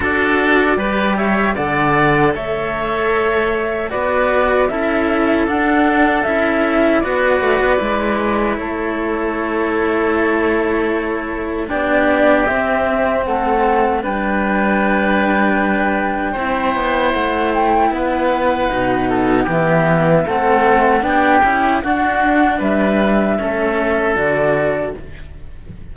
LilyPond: <<
  \new Staff \with { instrumentName = "flute" } { \time 4/4 \tempo 4 = 77 d''4. e''8 fis''4 e''4~ | e''4 d''4 e''4 fis''4 | e''4 d''2 cis''4~ | cis''2. d''4 |
e''4 fis''4 g''2~ | g''2 fis''8 g''8 fis''4~ | fis''4 e''4 fis''4 g''4 | fis''4 e''2 d''4 | }
  \new Staff \with { instrumentName = "oboe" } { \time 4/4 a'4 b'8 cis''8 d''4 cis''4~ | cis''4 b'4 a'2~ | a'4 b'2 a'4~ | a'2. g'4~ |
g'4 a'4 b'2~ | b'4 c''2 b'4~ | b'8 a'8 g'4 a'4 g'4 | fis'4 b'4 a'2 | }
  \new Staff \with { instrumentName = "cello" } { \time 4/4 fis'4 g'4 a'2~ | a'4 fis'4 e'4 d'4 | e'4 fis'4 e'2~ | e'2. d'4 |
c'2 d'2~ | d'4 e'2. | dis'4 b4 c'4 d'8 e'8 | d'2 cis'4 fis'4 | }
  \new Staff \with { instrumentName = "cello" } { \time 4/4 d'4 g4 d4 a4~ | a4 b4 cis'4 d'4 | cis'4 b8 a16 b16 gis4 a4~ | a2. b4 |
c'4 a4 g2~ | g4 c'8 b8 a4 b4 | b,4 e4 a4 b8 cis'8 | d'4 g4 a4 d4 | }
>>